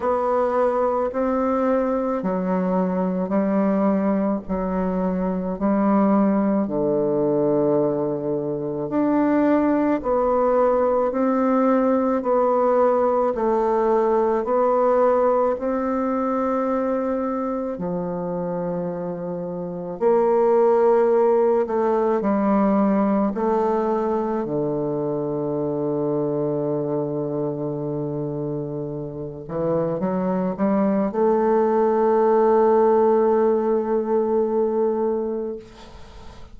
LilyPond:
\new Staff \with { instrumentName = "bassoon" } { \time 4/4 \tempo 4 = 54 b4 c'4 fis4 g4 | fis4 g4 d2 | d'4 b4 c'4 b4 | a4 b4 c'2 |
f2 ais4. a8 | g4 a4 d2~ | d2~ d8 e8 fis8 g8 | a1 | }